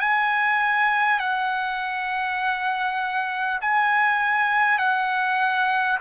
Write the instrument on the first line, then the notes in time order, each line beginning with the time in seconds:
trumpet
0.00 G#5
1.19 F#5
3.62 G#5
4.78 F#5